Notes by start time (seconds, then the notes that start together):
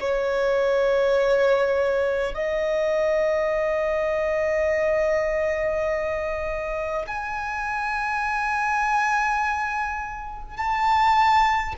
0.00 C#5
2.34 D#5
7.06 G#5
10.57 A5